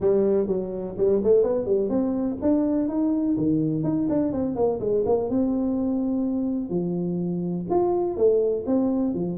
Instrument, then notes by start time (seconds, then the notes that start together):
tuba
0.00 G3
0.47 F#3
0.97 G3
1.23 A3
1.43 B3
1.65 G3
1.89 C4
2.41 D4
2.88 D#4
3.37 D#3
3.83 D#4
4.09 D4
4.32 C4
4.55 A#3
4.80 G#3
5.05 A#3
5.29 C4
6.69 F3
7.70 F4
8.16 A3
8.66 C4
9.13 F3